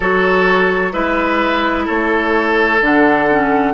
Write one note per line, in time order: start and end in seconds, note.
0.00 0.93 F#3
0.00 0.92 F#4
0.00 0.92 A4
0.00 0.92 C#5
0.92 1.87 G#3
0.92 2.79 E4
0.92 1.85 B4
0.92 1.86 E5
1.85 2.80 A3
1.85 3.72 A4
1.85 2.81 C#5
2.80 3.74 D3
2.80 3.28 D4
2.80 3.74 F#5
3.30 3.74 C#4